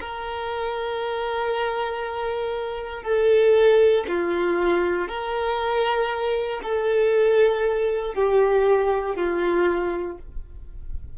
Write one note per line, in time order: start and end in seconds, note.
0.00 3.02 A#4
3.02 4.04 A4
4.08 5.08 F4
5.08 6.61 A#4
6.63 8.14 A4
8.14 9.16 G4
9.16 10.17 F4